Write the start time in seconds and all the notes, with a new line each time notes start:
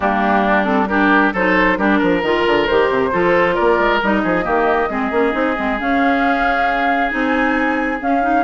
0.00 G3 A#3 D4 G4
0.64 C4 A4
0.87 D4 G4 A#4
1.33 F#3 D#4 A4 C5
1.77 G3 D4 G4 A#4
1.98 F3 A#4
2.22 D#3 F4
2.46 D3
2.66 D#3 G4 C5
2.89 C3
3.11 F3 F4 A4
3.54 A#3 A#4 D5
3.78 G#3
4.02 G3 D#4 D#5
4.23 F3 G#4
4.43 D#3 A#3 G4
4.89 G#3 C4 G#4
5.10 A#3 C#4
5.32 C4 D#4
5.56 G#3 C4
5.78 C#4 F5
7.09 C4 D#4 G#5
8.01 C#4 F5
8.22 D#4